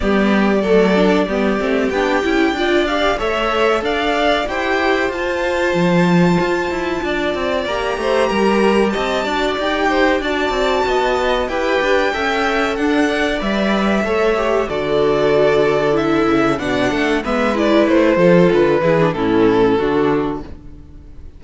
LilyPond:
<<
  \new Staff \with { instrumentName = "violin" } { \time 4/4 \tempo 4 = 94 d''2. g''4~ | g''8 f''8 e''4 f''4 g''4 | a''1 | ais''2 a''4 g''4 |
a''2 g''2 | fis''4 e''2 d''4~ | d''4 e''4 fis''4 e''8 d''8 | c''4 b'4 a'2 | }
  \new Staff \with { instrumentName = "violin" } { \time 4/4 g'4 a'4 g'2 | d''4 cis''4 d''4 c''4~ | c''2. d''4~ | d''8 c''8 ais'4 dis''8 d''4 c''8 |
d''4 dis''4 b'4 e''4 | d'8 d''4. cis''4 a'4~ | a'2 d''8 a'8 b'4~ | b'8 a'4 gis'8 e'4 fis'4 | }
  \new Staff \with { instrumentName = "viola" } { \time 4/4 b4 a8 d'8 b8 c'8 d'8 e'8 | f'8 g'8 a'2 g'4 | f'1 | g'2~ g'8 fis'8 g'4 |
fis'2 g'4 a'4~ | a'4 b'4 a'8 g'8 fis'4~ | fis'4 e'4 d'4 b8 e'8~ | e'8 f'4 e'16 d'16 cis'4 d'4 | }
  \new Staff \with { instrumentName = "cello" } { \time 4/4 g4 fis4 g8 a8 b8 cis'8 | d'4 a4 d'4 e'4 | f'4 f4 f'8 e'8 d'8 c'8 | ais8 a8 g4 c'8 d'8 dis'4 |
d'8 c'8 b4 e'8 d'8 cis'4 | d'4 g4 a4 d4~ | d4. cis8 b,8 a8 gis4 | a8 f8 d8 e8 a,4 d4 | }
>>